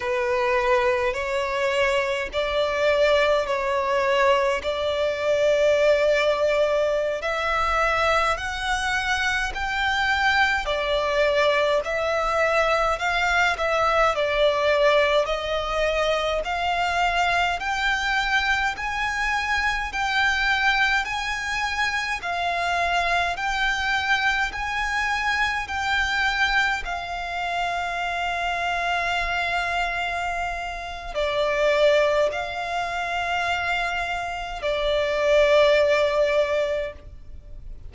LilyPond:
\new Staff \with { instrumentName = "violin" } { \time 4/4 \tempo 4 = 52 b'4 cis''4 d''4 cis''4 | d''2~ d''16 e''4 fis''8.~ | fis''16 g''4 d''4 e''4 f''8 e''16~ | e''16 d''4 dis''4 f''4 g''8.~ |
g''16 gis''4 g''4 gis''4 f''8.~ | f''16 g''4 gis''4 g''4 f''8.~ | f''2. d''4 | f''2 d''2 | }